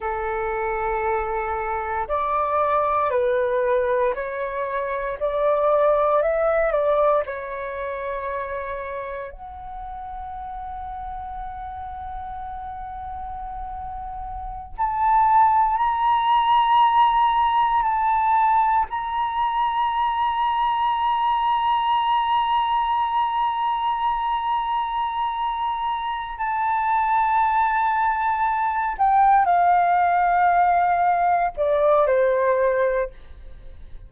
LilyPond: \new Staff \with { instrumentName = "flute" } { \time 4/4 \tempo 4 = 58 a'2 d''4 b'4 | cis''4 d''4 e''8 d''8 cis''4~ | cis''4 fis''2.~ | fis''2~ fis''16 a''4 ais''8.~ |
ais''4~ ais''16 a''4 ais''4.~ ais''16~ | ais''1~ | ais''4. a''2~ a''8 | g''8 f''2 d''8 c''4 | }